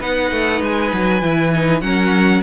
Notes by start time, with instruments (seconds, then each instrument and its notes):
0.00 cello B3, viola D#4, violin B4 F#5
0.32 cello A3
0.62 cello G#3, violin G#5
0.94 cello F#3
1.23 cello E3, viola E4
1.54 viola D#4
1.82 cello F#3, viola C#4, violin A#4 F#5